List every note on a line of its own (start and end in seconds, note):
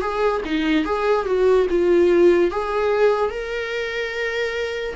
0.00 0.41 G#4
0.45 0.85 D#4
0.85 1.26 G#4
1.26 1.67 F#4
1.69 2.50 F4
2.50 3.30 G#4
3.30 4.94 A#4